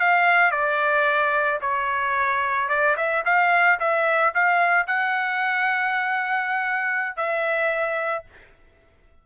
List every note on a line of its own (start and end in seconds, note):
0.00 0.52 F5
0.52 1.60 D5
1.62 2.69 C#5
2.69 2.96 D5
2.97 3.24 E5
3.26 3.80 F5
3.80 4.34 E5
4.35 4.87 F5
4.87 7.17 F#5
7.17 8.25 E5